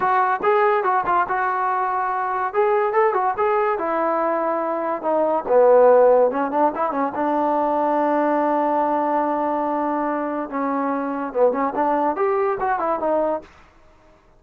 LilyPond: \new Staff \with { instrumentName = "trombone" } { \time 4/4 \tempo 4 = 143 fis'4 gis'4 fis'8 f'8 fis'4~ | fis'2 gis'4 a'8 fis'8 | gis'4 e'2. | dis'4 b2 cis'8 d'8 |
e'8 cis'8 d'2.~ | d'1~ | d'4 cis'2 b8 cis'8 | d'4 g'4 fis'8 e'8 dis'4 | }